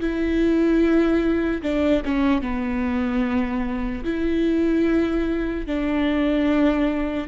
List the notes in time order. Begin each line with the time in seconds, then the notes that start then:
0.00 E4
1.63 D4
2.05 C#4
2.42 B3
4.04 E4
5.66 D4